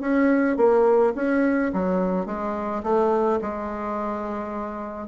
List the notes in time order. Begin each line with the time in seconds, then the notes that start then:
0.00 C#4
0.56 A#3
1.15 C#4
1.73 F#3
2.26 G#3
2.83 A3
3.41 G#3